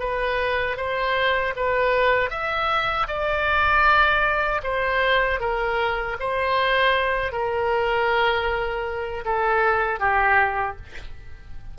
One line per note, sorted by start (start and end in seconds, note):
0.00 0.77 B4
0.77 1.54 C5
1.57 2.30 B4
2.30 3.07 E5
3.08 4.62 D5
4.63 5.40 C5
5.40 6.17 A#4
6.20 7.33 C5
7.33 9.25 A#4
9.25 10.00 A4
10.00 10.77 G4